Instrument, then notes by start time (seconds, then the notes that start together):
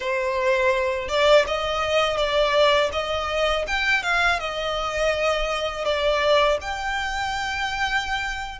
violin
0.00 C5
1.08 D5
1.47 D#5
2.17 D5
2.92 D#5
3.67 G5
4.02 F5
4.39 D#5
5.84 D5
6.61 G5